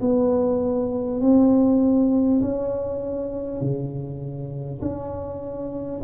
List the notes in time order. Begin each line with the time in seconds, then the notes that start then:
0.00 B3
1.20 C4
2.41 C#4
3.61 C#3
4.81 C#4